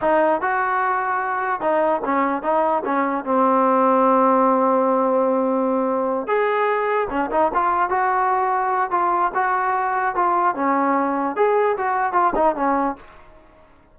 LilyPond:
\new Staff \with { instrumentName = "trombone" } { \time 4/4 \tempo 4 = 148 dis'4 fis'2. | dis'4 cis'4 dis'4 cis'4 | c'1~ | c'2.~ c'8 gis'8~ |
gis'4. cis'8 dis'8 f'4 fis'8~ | fis'2 f'4 fis'4~ | fis'4 f'4 cis'2 | gis'4 fis'4 f'8 dis'8 cis'4 | }